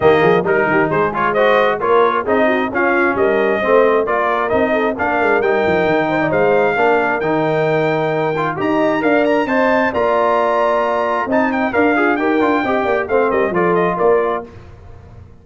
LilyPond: <<
  \new Staff \with { instrumentName = "trumpet" } { \time 4/4 \tempo 4 = 133 dis''4 ais'4 c''8 cis''8 dis''4 | cis''4 dis''4 f''4 dis''4~ | dis''4 d''4 dis''4 f''4 | g''2 f''2 |
g''2. ais''4 | f''8 ais''8 a''4 ais''2~ | ais''4 a''8 g''8 f''4 g''4~ | g''4 f''8 dis''8 d''8 dis''8 d''4 | }
  \new Staff \with { instrumentName = "horn" } { \time 4/4 g'8 gis'8 ais'8 g'8 gis'4 c''4 | ais'4 gis'8 fis'8 f'4 ais'4 | c''4 ais'4. a'8 ais'4~ | ais'4. c''16 d''16 c''4 ais'4~ |
ais'2. dis''4 | d''4 dis''4 d''2~ | d''4 dis''4 d''8 f'8 ais'4 | dis''8 d''8 c''8 ais'8 a'4 ais'4 | }
  \new Staff \with { instrumentName = "trombone" } { \time 4/4 ais4 dis'4. f'8 fis'4 | f'4 dis'4 cis'2 | c'4 f'4 dis'4 d'4 | dis'2. d'4 |
dis'2~ dis'8 f'8 g'4 | ais'4 c''4 f'2~ | f'4 dis'4 ais'8 gis'8 g'8 f'8 | g'4 c'4 f'2 | }
  \new Staff \with { instrumentName = "tuba" } { \time 4/4 dis8 f8 g8 dis8 gis2 | ais4 c'4 cis'4 g4 | a4 ais4 c'4 ais8 gis8 | g8 f8 dis4 gis4 ais4 |
dis2. dis'4 | d'4 c'4 ais2~ | ais4 c'4 d'4 dis'8 d'8 | c'8 ais8 a8 g8 f4 ais4 | }
>>